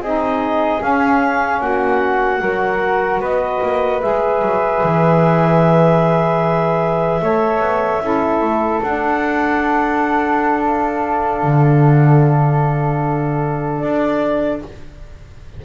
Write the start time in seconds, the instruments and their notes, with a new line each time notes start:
0.00 double bass C4, saxophone D#4, flute G#4, clarinet D#5
0.79 saxophone C#4, double bass C#4, clarinet F5
1.60 double bass A#3, flute F#4, clarinet F#5
2.41 double bass F#3, saxophone F#4, flute A#4
3.20 double bass B3, flute B4, clarinet D#5
3.63 double bass A#3
4.01 double bass G#3, saxophone G#4, clarinet E5
4.42 double bass F#3
4.83 double bass E3
7.22 double bass A3, saxophone A4, flute C#5
7.60 double bass B3
8.01 double bass C#4, saxophone E4, flute A4
8.41 double bass A3
8.83 double bass D4, saxophone D4, clarinet F#5
10.62 clarinet F5
11.43 double bass D3
13.79 double bass D4, clarinet D5